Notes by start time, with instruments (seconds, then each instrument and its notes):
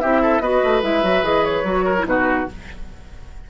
0.00 bassoon C4, clarinet E4, oboe G4, flute E5
0.21 oboe A4
0.40 bassoon B3, clarinet F#4, oboe B4, flute D#5
0.63 bassoon A3
0.82 bassoon G#3, clarinet E4, flute E5
1.03 bassoon F#3, clarinet F#4
1.22 bassoon E3, clarinet G#4, flute D#5
1.44 flute C#5
1.63 bassoon F#3, clarinet F#4
1.85 oboe A#4
1.98 clarinet E4
2.05 bassoon B2, clarinet D#4, oboe F#4, flute B4